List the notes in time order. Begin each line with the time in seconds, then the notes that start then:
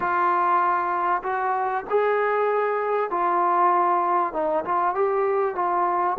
0.00 F4
1.22 F#4
1.89 G#4
3.10 F4
4.33 D#4
4.64 F4
4.94 G4
5.55 F4